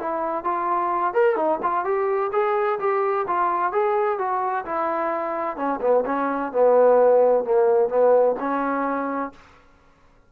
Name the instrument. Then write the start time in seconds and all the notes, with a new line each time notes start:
trombone
0.00 E4
0.44 F4
1.14 A#4
1.36 D#4
1.63 F4
1.85 G4
2.33 G#4
2.80 G4
3.28 F4
3.73 G#4
4.19 F#4
4.66 E4
5.57 C#4
5.81 B3
6.06 C#4
6.53 B3
7.44 A#3
7.89 B3
8.40 C#4